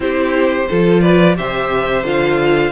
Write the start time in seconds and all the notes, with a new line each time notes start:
0.00 C4 E4 G4 C5
0.69 F3 F4 A4
1.01 B4 D5
1.36 C3 G4 C5 E5
2.03 D3 F4 F5